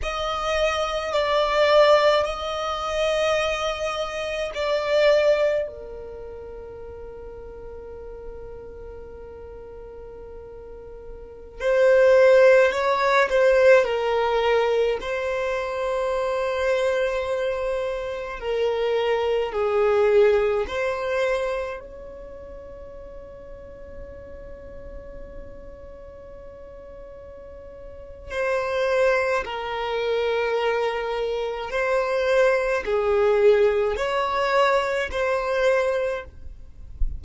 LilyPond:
\new Staff \with { instrumentName = "violin" } { \time 4/4 \tempo 4 = 53 dis''4 d''4 dis''2 | d''4 ais'2.~ | ais'2~ ais'16 c''4 cis''8 c''16~ | c''16 ais'4 c''2~ c''8.~ |
c''16 ais'4 gis'4 c''4 cis''8.~ | cis''1~ | cis''4 c''4 ais'2 | c''4 gis'4 cis''4 c''4 | }